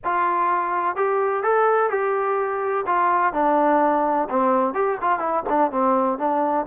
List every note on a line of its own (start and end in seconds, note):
0.04 0.95 F4
0.95 1.43 G4
1.43 1.90 A4
1.90 2.85 G4
2.86 3.33 F4
3.33 4.28 D4
4.29 4.74 C4
4.74 4.98 G4
5.01 5.19 F4
5.19 5.43 E4
5.49 5.71 D4
5.71 6.18 C4
6.18 6.65 D4